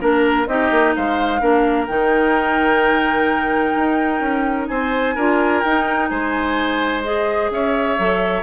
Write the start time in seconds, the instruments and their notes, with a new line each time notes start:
0.00 bassoon A#3, clarinet D4, oboe A#4, flute A#4
0.47 bassoon C4, clarinet D#4, oboe G4, flute D#5
0.71 bassoon A#3
0.96 bassoon G#3, oboe C5, flute F5
1.40 bassoon A#3, clarinet D4, oboe A#4
1.87 bassoon D#3, clarinet D#4, flute G5
3.75 bassoon D#4
4.20 bassoon C#4
4.67 bassoon C4, oboe C5, flute G#5
5.15 bassoon D4, clarinet F4, oboe A#4
5.61 bassoon D#4, clarinet D#4, flute G5
6.09 bassoon G#3, oboe C5, flute G#5
7.03 clarinet G#4, flute D#5
7.50 bassoon C#4, oboe C#5, flute E5
7.99 bassoon F#3, clarinet A4